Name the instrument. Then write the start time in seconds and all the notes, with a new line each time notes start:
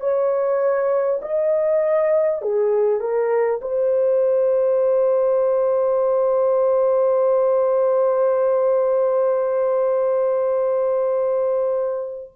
horn
0.00 C#5
1.22 D#5
2.42 G#4
3.00 A#4
3.61 C5